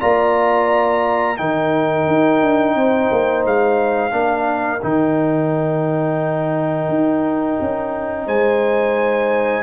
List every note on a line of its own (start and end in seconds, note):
0.00 1.40 A#3
0.00 1.38 F4
0.00 1.38 D5
0.00 1.38 A#5
1.38 2.08 D#3
1.38 4.11 D#4
1.38 2.77 A#4
1.38 3.45 G5
2.08 2.42 D#4
2.42 2.76 D4
2.76 3.10 C4
2.76 4.14 C5
3.12 3.46 A#3
3.46 4.13 G#3
3.46 4.83 F5
4.11 4.82 A#3
4.11 4.80 D4
4.11 8.26 A#4
4.82 6.89 D#3
4.82 9.63 D#4
4.82 8.28 G5
6.89 7.58 D#4
7.61 8.27 C#4
8.26 9.63 G#3
8.26 9.63 C5
8.26 9.63 G#5